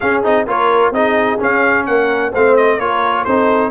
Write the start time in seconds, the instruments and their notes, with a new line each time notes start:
0.00 trombone C#4, tuba C#4, horn G#4, trumpet F5
0.23 tuba C4, trombone D#4, trumpet D#5
0.46 tuba A#3, trombone F4, horn A#4, trumpet C#5
0.91 tuba C4, trombone D#4, horn G#4, trumpet D#5
1.38 trombone C#4, tuba C#4, trumpet F5
1.85 tuba A#3, horn A#4, trumpet F#5
2.31 tuba A3, trombone C4, horn C5, trumpet F5
2.56 trumpet D#5
2.76 tuba A#3, trombone F4, horn A#4, trumpet C#5
3.24 tuba C4, trombone D#4, horn A4, trumpet C5